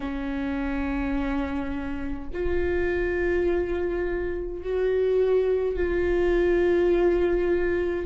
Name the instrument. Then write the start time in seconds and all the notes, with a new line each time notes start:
viola
0.00 C#4
2.33 F4
4.63 F#4
5.76 F4